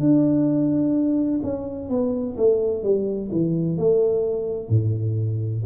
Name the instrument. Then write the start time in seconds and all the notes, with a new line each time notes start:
tuba
0.00 D4
1.43 C#4
1.89 B3
2.37 A3
2.83 G3
3.32 E3
3.78 A3
4.69 A2